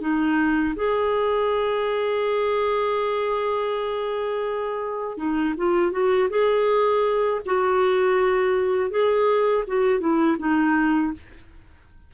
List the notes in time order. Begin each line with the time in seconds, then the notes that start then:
0.00 D#4
0.75 G#4
5.17 D#4
5.57 F4
5.92 F#4
6.29 G#4
7.45 F#4
8.90 G#4
9.67 F#4
10.00 E4
10.38 D#4